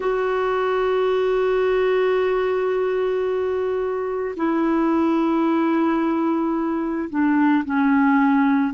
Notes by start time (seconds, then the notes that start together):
0.00 F#4
4.36 E4
7.09 D4
7.64 C#4